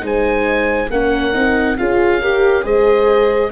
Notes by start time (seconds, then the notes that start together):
0.00 G#3 D#4 C5
0.07 G#5
0.91 A#3 C#4 A#4 F#5
1.34 C4 D#4
1.78 C#4 F4 G#4 F5
2.22 G4 A#4
2.63 G#3 G#4 C5 D#5